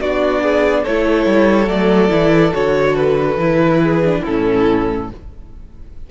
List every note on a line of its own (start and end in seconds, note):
0.00 0.85 B3
0.00 0.86 D4
0.00 0.42 F#4
0.00 0.84 D5
0.42 0.83 G#4
0.83 1.25 A3
0.83 1.66 E4
0.83 3.79 A4
0.83 1.68 C#5
1.25 1.67 G3
1.66 2.10 F#3
1.66 2.08 A3
1.66 2.53 D5
2.08 2.52 E3
2.08 2.51 E4
2.52 3.36 D3
2.52 3.37 F#4
2.52 2.96 C#5
2.96 4.22 B4
3.36 4.20 E3
3.36 4.02 E4
3.82 4.21 G#4
4.04 4.25 D4
4.21 5.10 A2
4.21 5.10 C#4
4.21 5.06 E4
4.21 5.09 A4